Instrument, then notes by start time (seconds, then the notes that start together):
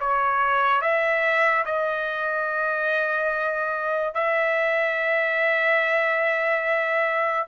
trumpet
0.00 C#5
0.81 E5
1.65 D#5
4.14 E5